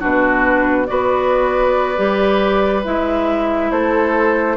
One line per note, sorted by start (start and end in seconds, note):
0.00 0.90 B2
0.00 0.87 D4
0.00 0.87 F#4
0.00 0.86 B4
0.86 1.99 B3
0.86 1.95 F#4
0.86 3.72 B4
0.86 2.82 D5
1.96 2.86 G3
1.96 2.83 G4
2.84 3.71 G#3
2.84 4.57 E4
2.84 3.71 E5
3.71 4.57 A3
3.71 4.57 A4
3.71 4.57 C5